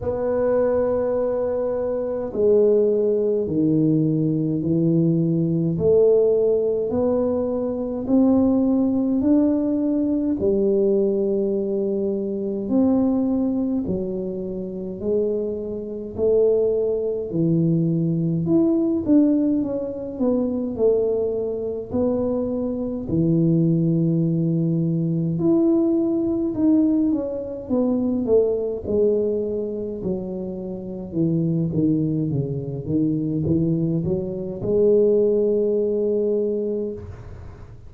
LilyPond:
\new Staff \with { instrumentName = "tuba" } { \time 4/4 \tempo 4 = 52 b2 gis4 dis4 | e4 a4 b4 c'4 | d'4 g2 c'4 | fis4 gis4 a4 e4 |
e'8 d'8 cis'8 b8 a4 b4 | e2 e'4 dis'8 cis'8 | b8 a8 gis4 fis4 e8 dis8 | cis8 dis8 e8 fis8 gis2 | }